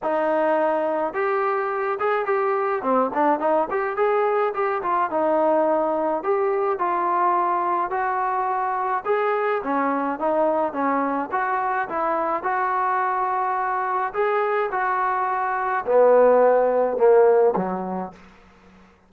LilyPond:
\new Staff \with { instrumentName = "trombone" } { \time 4/4 \tempo 4 = 106 dis'2 g'4. gis'8 | g'4 c'8 d'8 dis'8 g'8 gis'4 | g'8 f'8 dis'2 g'4 | f'2 fis'2 |
gis'4 cis'4 dis'4 cis'4 | fis'4 e'4 fis'2~ | fis'4 gis'4 fis'2 | b2 ais4 fis4 | }